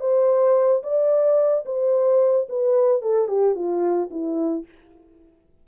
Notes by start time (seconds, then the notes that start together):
0.00 C5
0.83 D5
1.65 C5
2.49 B4
3.02 A4
3.28 G4
3.55 F4
4.10 E4